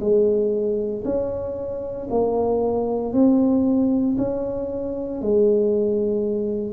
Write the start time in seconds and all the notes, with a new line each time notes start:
0.00 G#3
1.04 C#4
2.10 A#3
3.13 C4
4.18 C#4
5.21 G#3